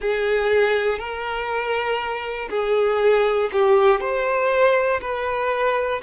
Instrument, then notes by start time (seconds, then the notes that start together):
violin
0.00 G#4
0.98 A#4
2.50 G#4
3.52 G4
4.00 C5
5.00 B4